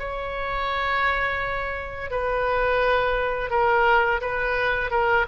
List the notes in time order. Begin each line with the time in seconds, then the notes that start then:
0.00 C#5
2.11 B4
3.51 A#4
4.22 B4
4.91 A#4